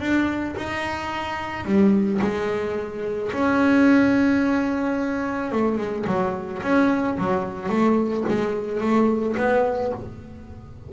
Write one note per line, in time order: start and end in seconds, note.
0.00 0.55 D4
0.57 1.65 D#4
1.65 2.20 G3
2.21 3.32 G#3
3.33 5.52 C#4
5.52 5.77 A3
5.77 6.05 G#3
6.07 6.62 F#3
6.62 7.17 C#4
7.18 7.69 F#3
7.69 8.24 A3
8.28 8.81 G#3
8.81 9.36 A3
9.37 9.92 B3